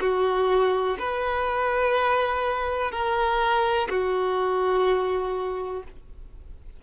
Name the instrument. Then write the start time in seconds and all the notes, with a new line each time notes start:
violin
0.00 F#4
0.99 B4
2.91 A#4
3.89 F#4